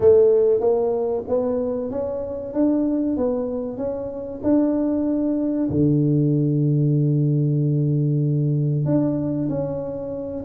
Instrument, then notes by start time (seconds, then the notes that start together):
tuba
0.00 A3
0.60 A#3
1.27 B3
1.90 C#4
2.53 D4
3.16 B3
3.77 C#4
4.43 D4
5.70 D3
8.85 D4
9.49 C#4